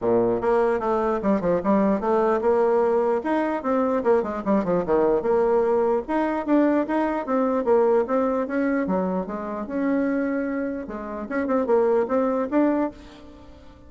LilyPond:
\new Staff \with { instrumentName = "bassoon" } { \time 4/4 \tempo 4 = 149 ais,4 ais4 a4 g8 f8 | g4 a4 ais2 | dis'4 c'4 ais8 gis8 g8 f8 | dis4 ais2 dis'4 |
d'4 dis'4 c'4 ais4 | c'4 cis'4 fis4 gis4 | cis'2. gis4 | cis'8 c'8 ais4 c'4 d'4 | }